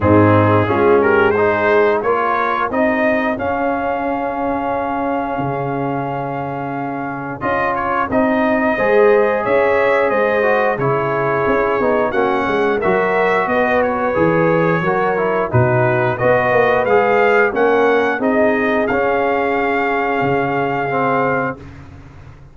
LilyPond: <<
  \new Staff \with { instrumentName = "trumpet" } { \time 4/4 \tempo 4 = 89 gis'4. ais'8 c''4 cis''4 | dis''4 f''2.~ | f''2. dis''8 cis''8 | dis''2 e''4 dis''4 |
cis''2 fis''4 e''4 | dis''8 cis''2~ cis''8 b'4 | dis''4 f''4 fis''4 dis''4 | f''1 | }
  \new Staff \with { instrumentName = "horn" } { \time 4/4 dis'4 f'8 g'8 gis'4 ais'4 | gis'1~ | gis'1~ | gis'4 c''4 cis''4 c''4 |
gis'2 fis'8 gis'8 ais'4 | b'2 ais'4 fis'4 | b'2 ais'4 gis'4~ | gis'1 | }
  \new Staff \with { instrumentName = "trombone" } { \time 4/4 c'4 cis'4 dis'4 f'4 | dis'4 cis'2.~ | cis'2. f'4 | dis'4 gis'2~ gis'8 fis'8 |
e'4. dis'8 cis'4 fis'4~ | fis'4 gis'4 fis'8 e'8 dis'4 | fis'4 gis'4 cis'4 dis'4 | cis'2. c'4 | }
  \new Staff \with { instrumentName = "tuba" } { \time 4/4 gis,4 gis2 ais4 | c'4 cis'2. | cis2. cis'4 | c'4 gis4 cis'4 gis4 |
cis4 cis'8 b8 ais8 gis8 fis4 | b4 e4 fis4 b,4 | b8 ais8 gis4 ais4 c'4 | cis'2 cis2 | }
>>